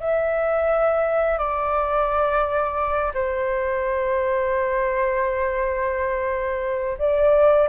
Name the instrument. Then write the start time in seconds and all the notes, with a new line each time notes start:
flute
0.00 E5
1.38 D5
3.14 C5
6.99 D5